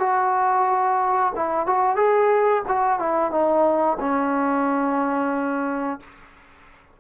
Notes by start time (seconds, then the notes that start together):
0.00 F#4
1.36 E4
1.67 F#4
1.96 G#4
2.68 F#4
2.99 E4
3.32 D#4
4.00 C#4